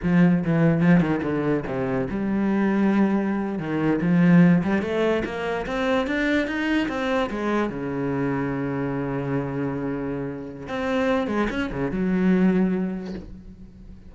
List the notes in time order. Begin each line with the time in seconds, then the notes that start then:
0.02 F3
0.44 E3
0.81 F3
1.00 D#3
1.23 D3
1.66 C3
2.10 G3
3.59 D#3
4.01 F3
4.63 G3
4.82 A3
5.24 A#3
5.66 C4
6.07 D4
6.47 D#4
6.88 C4
7.30 G#3
7.69 C#3
10.68 C4
11.27 G#3
11.50 C#4
11.71 C#3
11.91 F#3